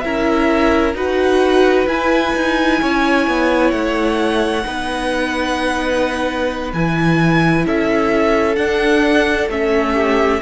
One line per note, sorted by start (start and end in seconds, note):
0.00 0.94 C#4
0.00 0.95 E4
0.00 0.96 A#4
0.00 0.92 E5
0.94 1.86 D#4
0.94 1.87 F#4
0.94 2.80 B4
0.94 1.88 F#5
1.86 2.32 E4
1.86 4.64 E4
1.86 3.71 G#5
2.35 2.82 D#4
2.81 3.27 C#4
2.81 4.66 C#5
3.27 3.72 B3
3.71 4.64 A3
3.71 6.71 F#5
4.65 6.73 B3
4.65 6.73 D#4
4.65 7.65 B4
6.73 7.65 E3
6.73 8.57 E4
6.73 7.66 G#5
7.65 8.57 C#4
7.65 9.94 A4
7.65 8.56 E5
8.56 9.48 D4
8.56 9.49 D4
8.56 9.48 F#5
9.48 10.40 A3
9.48 10.42 C#4
9.48 10.42 E5
9.94 10.40 G4